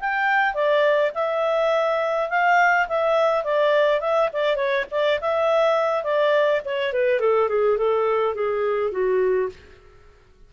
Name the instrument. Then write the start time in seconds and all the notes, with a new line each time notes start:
clarinet
0.00 G5
0.54 D5
1.14 E5
2.30 F5
2.88 E5
3.44 D5
4.00 E5
4.33 D5
4.56 C#5
4.91 D5
5.21 E5
6.04 D5
6.65 C#5
6.93 B4
7.20 A4
7.49 G#4
7.78 A4
8.35 G#4
8.91 F#4